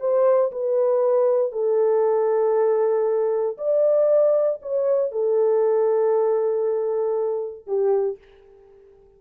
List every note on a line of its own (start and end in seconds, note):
0.00 0.51 C5
0.52 1.52 B4
1.52 3.57 A4
3.57 4.60 D5
4.62 5.12 C#5
5.12 7.67 A4
7.67 8.18 G4